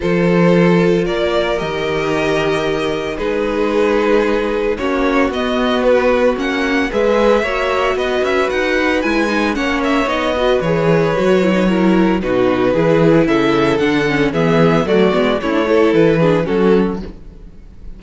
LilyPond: <<
  \new Staff \with { instrumentName = "violin" } { \time 4/4 \tempo 4 = 113 c''2 d''4 dis''4~ | dis''2 b'2~ | b'4 cis''4 dis''4 b'4 | fis''4 e''2 dis''8 e''8 |
fis''4 gis''4 fis''8 e''8 dis''4 | cis''2. b'4~ | b'4 e''4 fis''4 e''4 | d''4 cis''4 b'4 a'4 | }
  \new Staff \with { instrumentName = "violin" } { \time 4/4 a'2 ais'2~ | ais'2 gis'2~ | gis'4 fis'2.~ | fis'4 b'4 cis''4 b'4~ |
b'2 cis''4. b'8~ | b'2 ais'4 fis'4 | gis'4 a'2 gis'4 | fis'4 e'8 a'4 gis'8 fis'4 | }
  \new Staff \with { instrumentName = "viola" } { \time 4/4 f'2. g'4~ | g'2 dis'2~ | dis'4 cis'4 b2 | cis'4 gis'4 fis'2~ |
fis'4 e'8 dis'8 cis'4 dis'8 fis'8 | gis'4 fis'8 e'16 dis'16 e'4 dis'4 | e'2 d'8 cis'8 b4 | a8 b8 cis'16 d'16 e'4 d'8 cis'4 | }
  \new Staff \with { instrumentName = "cello" } { \time 4/4 f2 ais4 dis4~ | dis2 gis2~ | gis4 ais4 b2 | ais4 gis4 ais4 b8 cis'8 |
dis'4 gis4 ais4 b4 | e4 fis2 b,4 | e4 cis4 d4 e4 | fis8 gis8 a4 e4 fis4 | }
>>